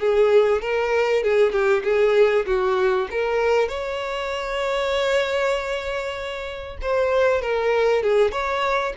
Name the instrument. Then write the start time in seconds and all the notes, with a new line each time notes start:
violin
0.00 G#4
0.62 A#4
1.23 G#4
1.52 G4
1.84 G#4
2.46 F#4
3.11 A#4
3.69 C#5
6.82 C5
7.42 A#4
8.03 G#4
8.32 C#5